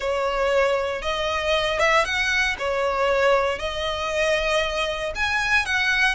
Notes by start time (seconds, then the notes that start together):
0.00 C#5
1.02 D#5
1.79 E5
2.04 F#5
2.58 C#5
3.59 D#5
5.15 G#5
5.65 F#5